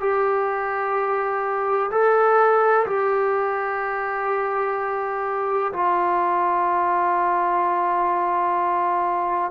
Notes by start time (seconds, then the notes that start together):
0.00 G4
1.90 A4
2.86 G4
5.73 F4